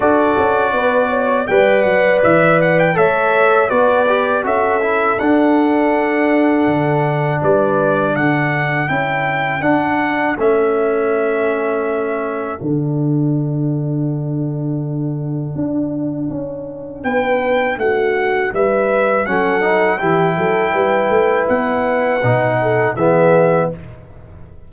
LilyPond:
<<
  \new Staff \with { instrumentName = "trumpet" } { \time 4/4 \tempo 4 = 81 d''2 g''8 fis''8 e''8 fis''16 g''16 | e''4 d''4 e''4 fis''4~ | fis''2 d''4 fis''4 | g''4 fis''4 e''2~ |
e''4 fis''2.~ | fis''2. g''4 | fis''4 e''4 fis''4 g''4~ | g''4 fis''2 e''4 | }
  \new Staff \with { instrumentName = "horn" } { \time 4/4 a'4 b'8 cis''8 d''2 | cis''4 b'4 a'2~ | a'2 b'4 a'4~ | a'1~ |
a'1~ | a'2. b'4 | fis'4 b'4 a'4 g'8 a'8 | b'2~ b'8 a'8 gis'4 | }
  \new Staff \with { instrumentName = "trombone" } { \time 4/4 fis'2 b'2 | a'4 fis'8 g'8 fis'8 e'8 d'4~ | d'1 | e'4 d'4 cis'2~ |
cis'4 d'2.~ | d'1~ | d'2 cis'8 dis'8 e'4~ | e'2 dis'4 b4 | }
  \new Staff \with { instrumentName = "tuba" } { \time 4/4 d'8 cis'8 b4 g8 fis8 e4 | a4 b4 cis'4 d'4~ | d'4 d4 g4 d4 | cis'4 d'4 a2~ |
a4 d2.~ | d4 d'4 cis'4 b4 | a4 g4 fis4 e8 fis8 | g8 a8 b4 b,4 e4 | }
>>